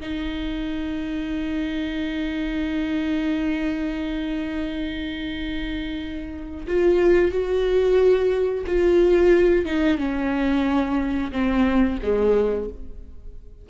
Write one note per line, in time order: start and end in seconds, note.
0.00 6.67 D#4
6.67 7.32 F4
7.32 8.65 F#4
8.67 9.65 F4
9.65 9.98 D#4
9.98 11.31 C#4
11.32 11.98 C4
12.02 12.69 G#3